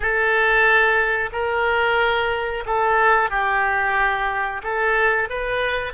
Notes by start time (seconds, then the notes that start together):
0.00 A4
1.32 A#4
2.66 A4
3.30 G4
4.63 A4
5.29 B4